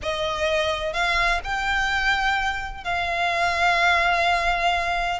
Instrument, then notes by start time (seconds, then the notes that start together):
violin
0.02 D#5
0.93 F5
1.44 G5
2.84 F5